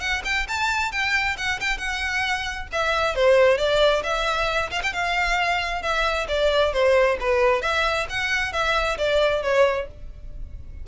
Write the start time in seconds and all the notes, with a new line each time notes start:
0.00 F#5
0.25 G5
0.48 A5
0.92 G5
1.37 F#5
1.60 G5
1.78 F#5
2.72 E5
3.16 C5
3.58 D5
4.03 E5
4.71 F5
4.83 G5
4.93 F5
5.82 E5
6.28 D5
6.73 C5
7.20 B4
7.62 E5
8.09 F#5
8.53 E5
8.98 D5
9.43 C#5